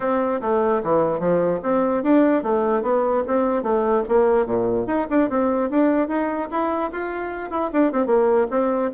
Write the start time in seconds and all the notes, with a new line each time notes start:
0.00 C4
0.41 A3
0.83 E3
1.19 F3
1.62 C4
2.03 D4
2.43 A3
2.82 B3
3.27 C4
3.62 A3
4.08 A#3
4.46 A#2
4.86 D#4
5.10 D4
5.29 C4
5.69 D4
6.08 D#4
6.50 E4
6.91 F4
7.50 E4
7.72 D4
7.92 C4
8.06 A#3
8.50 C4